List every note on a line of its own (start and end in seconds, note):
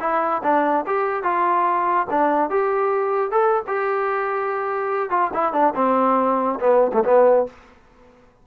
0.00 0.42 E4
0.43 0.85 D4
0.86 1.23 G4
1.23 2.07 F4
2.10 2.50 D4
2.50 3.31 G4
3.31 3.63 A4
3.67 5.10 G4
5.10 5.31 F4
5.34 5.53 E4
5.53 5.74 D4
5.75 6.59 C4
6.60 6.92 B3
6.93 7.04 A3
7.05 7.46 B3